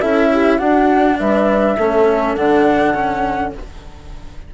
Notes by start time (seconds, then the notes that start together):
0.00 C#4 E4 A4 E5
0.33 G4
0.57 D4 F#4 F#5
1.19 G3 B4 E5
1.77 A3 C#4 A4
2.35 D3 D4 F#5
2.94 C#4